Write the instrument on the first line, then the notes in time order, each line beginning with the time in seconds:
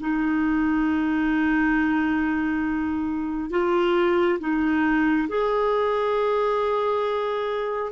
clarinet
0.00 D#4
3.51 F4
4.40 D#4
5.29 G#4